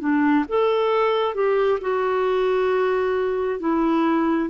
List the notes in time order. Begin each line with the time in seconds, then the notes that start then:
0.00 D4
0.49 A4
1.35 G4
1.81 F#4
3.60 E4